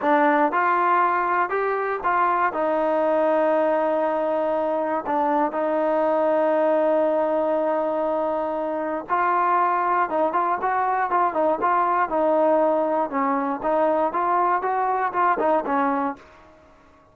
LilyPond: \new Staff \with { instrumentName = "trombone" } { \time 4/4 \tempo 4 = 119 d'4 f'2 g'4 | f'4 dis'2.~ | dis'2 d'4 dis'4~ | dis'1~ |
dis'2 f'2 | dis'8 f'8 fis'4 f'8 dis'8 f'4 | dis'2 cis'4 dis'4 | f'4 fis'4 f'8 dis'8 cis'4 | }